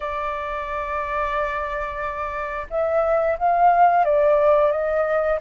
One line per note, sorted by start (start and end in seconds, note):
0.00 2.67 D5
2.70 3.37 E5
3.38 4.04 F5
4.04 4.71 D5
4.71 5.39 D#5